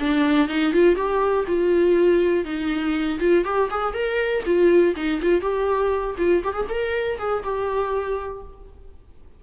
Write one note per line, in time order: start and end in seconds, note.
0.00 0.49 D4
0.49 0.73 D#4
0.73 0.96 F4
0.96 1.45 G4
1.47 2.45 F4
2.45 3.19 D#4
3.20 3.45 F4
3.45 3.69 G4
3.71 3.94 G#4
3.94 4.44 A#4
4.46 4.95 F4
4.96 5.21 D#4
5.22 5.41 F4
5.41 6.16 G4
6.18 6.43 F4
6.44 6.54 G4
6.54 6.66 G#4
6.69 7.19 A#4
7.19 7.44 G#4
7.44 8.43 G4